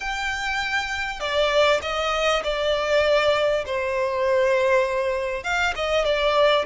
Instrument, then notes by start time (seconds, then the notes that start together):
violin
0.00 G5
1.20 D5
1.82 D#5
2.43 D5
3.66 C5
5.43 F5
5.75 D#5
6.04 D5